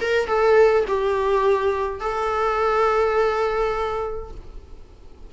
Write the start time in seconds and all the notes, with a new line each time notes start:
0.00 A#4
0.27 A4
0.87 G4
2.00 A4